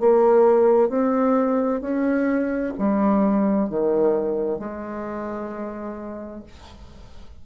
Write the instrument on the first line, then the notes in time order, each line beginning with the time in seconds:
bassoon
0.00 A#3
0.89 C4
1.81 C#4
2.79 G3
3.70 D#3
4.59 G#3